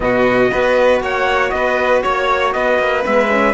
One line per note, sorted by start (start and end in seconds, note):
0.00 0.51 B2
0.00 0.49 B3
0.00 0.51 F#4
0.00 1.01 D#5
0.49 1.00 B3
0.49 3.03 F#4
0.49 1.01 B4
1.00 1.51 A#3
1.00 1.53 C#5
1.00 1.50 F#5
1.50 2.02 B3
1.50 2.03 B4
1.50 2.00 D#5
2.02 2.55 A#3
2.02 2.52 C#5
2.02 2.53 C#5
2.52 2.78 B3
2.52 3.54 B4
2.52 3.03 D#5
2.78 3.04 A#3
3.03 3.54 G#3
3.03 3.28 B3
3.03 3.54 E5
3.30 3.54 C#4